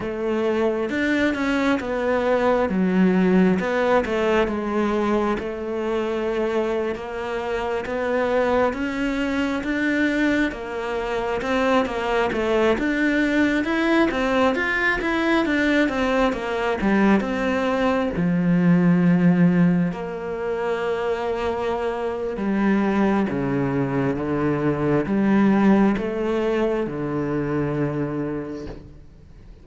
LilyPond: \new Staff \with { instrumentName = "cello" } { \time 4/4 \tempo 4 = 67 a4 d'8 cis'8 b4 fis4 | b8 a8 gis4 a4.~ a16 ais16~ | ais8. b4 cis'4 d'4 ais16~ | ais8. c'8 ais8 a8 d'4 e'8 c'16~ |
c'16 f'8 e'8 d'8 c'8 ais8 g8 c'8.~ | c'16 f2 ais4.~ ais16~ | ais4 g4 cis4 d4 | g4 a4 d2 | }